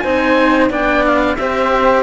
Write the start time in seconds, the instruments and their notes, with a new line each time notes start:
0.00 cello C4 D#4, flute C5, oboe G#5
0.70 cello B3 D4, flute D5, oboe G5
1.06 oboe F5
1.37 cello C4 G4, flute C5, oboe E5